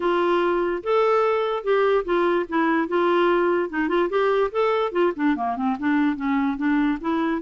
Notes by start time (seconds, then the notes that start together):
0.00 F4
0.83 A4
1.63 G4
2.05 F4
2.48 E4
2.88 F4
3.69 D#4
3.88 F4
4.09 G4
4.51 A4
4.91 F4
5.16 D4
5.35 A#3
5.56 C4
5.79 D4
6.16 C#4
6.57 D4
7.00 E4